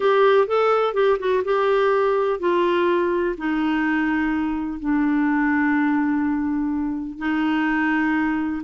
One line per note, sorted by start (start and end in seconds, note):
0.00 0.47 G4
0.47 0.93 A4
0.93 1.17 G4
1.19 1.43 F#4
1.44 2.39 G4
2.39 3.35 F4
3.37 4.79 D#4
4.79 7.18 D4
7.18 8.62 D#4